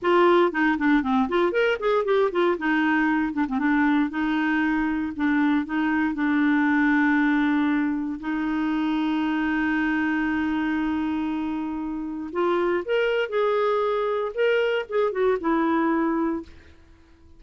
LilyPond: \new Staff \with { instrumentName = "clarinet" } { \time 4/4 \tempo 4 = 117 f'4 dis'8 d'8 c'8 f'8 ais'8 gis'8 | g'8 f'8 dis'4. d'16 c'16 d'4 | dis'2 d'4 dis'4 | d'1 |
dis'1~ | dis'1 | f'4 ais'4 gis'2 | ais'4 gis'8 fis'8 e'2 | }